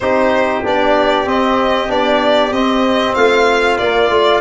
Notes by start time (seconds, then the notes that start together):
0.00 C4 D#4 G4 C5
0.63 B3 D4 D5
1.26 C4 D#5
1.88 B3 D4 D5
2.51 C4 D#5
3.14 A3 F4 F5
3.77 A#3 D5
4.09 A3 F4